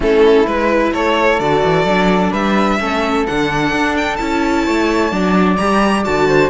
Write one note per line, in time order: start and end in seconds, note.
0.00 0.45 A3
0.00 0.45 C#4
0.00 0.93 E4
0.00 0.46 A4
0.46 0.92 G#3
0.46 1.39 E4
0.46 0.93 B4
0.93 1.39 A3
0.93 2.31 A4
0.93 1.39 C#5
1.39 1.62 D3
1.39 1.87 F#4
1.39 2.32 D5
1.64 1.84 E3
1.84 2.31 F#3
1.84 2.79 D4
2.31 2.79 G3
2.31 2.77 B4
2.31 3.26 E5
2.79 3.27 A3
2.79 3.26 C#4
2.79 4.66 A4
3.26 3.72 D3
3.26 4.18 D4
3.26 3.96 F#5
3.72 4.18 D4
3.96 4.16 G5
4.16 4.67 C#4
4.16 5.11 E4
4.16 5.55 A5
4.66 5.11 A3
4.66 5.11 C#5
5.11 5.58 F#3
5.11 5.57 D4
5.11 6.27 D5
5.56 6.06 G3
5.56 6.04 G4
5.56 6.03 A#5
6.04 6.49 D3
6.04 6.49 F#4
6.04 6.49 A5
6.27 6.49 C5